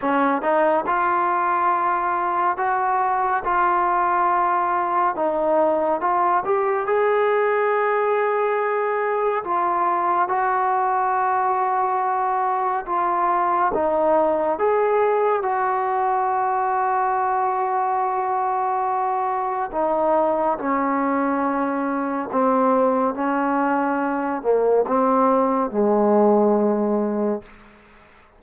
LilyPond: \new Staff \with { instrumentName = "trombone" } { \time 4/4 \tempo 4 = 70 cis'8 dis'8 f'2 fis'4 | f'2 dis'4 f'8 g'8 | gis'2. f'4 | fis'2. f'4 |
dis'4 gis'4 fis'2~ | fis'2. dis'4 | cis'2 c'4 cis'4~ | cis'8 ais8 c'4 gis2 | }